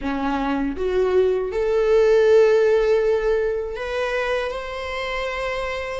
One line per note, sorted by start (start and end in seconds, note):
0.01 0.76 C#4
0.76 1.51 F#4
1.51 3.76 A4
3.76 4.51 B4
4.51 6.00 C5